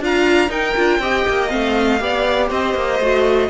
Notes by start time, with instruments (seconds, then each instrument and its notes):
0.00 cello D4, viola F4, violin F5 A#5
0.49 viola D#4, cello D#4, violin A#4 G5
0.77 cello D4, viola F4
0.99 cello C4, viola G4, violin D#5
1.29 cello A#3
1.49 cello A3, viola C4, violin F5
2.00 cello B3, viola G4, violin D5
2.49 cello C4, violin C5 D#5
2.75 cello A#3
2.99 cello A3, viola F#4